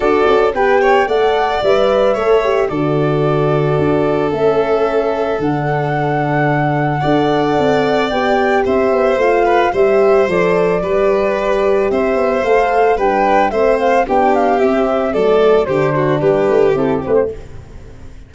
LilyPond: <<
  \new Staff \with { instrumentName = "flute" } { \time 4/4 \tempo 4 = 111 d''4 g''4 fis''4 e''4~ | e''4 d''2. | e''2 fis''2~ | fis''2. g''4 |
e''4 f''4 e''4 d''4~ | d''2 e''4 f''4 | g''4 e''8 f''8 g''8 f''8 e''4 | d''4 c''4 b'4 a'8 b'16 c''16 | }
  \new Staff \with { instrumentName = "violin" } { \time 4/4 a'4 b'8 cis''8 d''2 | cis''4 a'2.~ | a'1~ | a'4 d''2. |
c''4. b'8 c''2 | b'2 c''2 | b'4 c''4 g'2 | a'4 g'8 fis'8 g'2 | }
  \new Staff \with { instrumentName = "horn" } { \time 4/4 fis'4 g'4 a'4 b'4 | a'8 g'8 fis'2. | cis'2 d'2~ | d'4 a'2 g'4~ |
g'4 f'4 g'4 a'4 | g'2. a'4 | d'4 c'4 d'4 c'4 | a4 d'2 e'8 c'8 | }
  \new Staff \with { instrumentName = "tuba" } { \time 4/4 d'8 cis'8 b4 a4 g4 | a4 d2 d'4 | a2 d2~ | d4 d'4 c'4 b4 |
c'8 b8 a4 g4 f4 | g2 c'8 b8 a4 | g4 a4 b4 c'4 | fis4 d4 g8 a8 c'8 a8 | }
>>